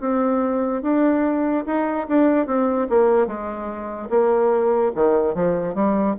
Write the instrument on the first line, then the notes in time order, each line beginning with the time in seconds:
bassoon
0.00 C4
0.82 D4
1.66 D#4
2.08 D4
2.46 C4
2.89 A#3
3.27 G#3
4.09 A#3
4.94 D#3
5.34 F3
5.74 G3